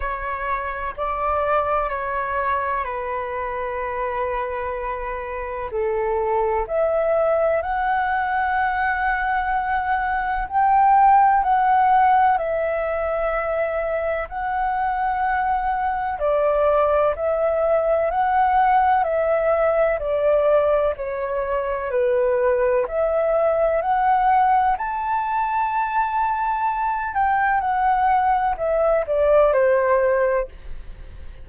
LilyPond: \new Staff \with { instrumentName = "flute" } { \time 4/4 \tempo 4 = 63 cis''4 d''4 cis''4 b'4~ | b'2 a'4 e''4 | fis''2. g''4 | fis''4 e''2 fis''4~ |
fis''4 d''4 e''4 fis''4 | e''4 d''4 cis''4 b'4 | e''4 fis''4 a''2~ | a''8 g''8 fis''4 e''8 d''8 c''4 | }